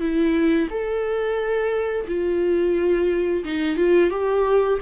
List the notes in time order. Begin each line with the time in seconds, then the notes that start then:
0.00 E4
0.70 A4
2.07 F4
3.45 D#4
3.76 F4
4.10 G4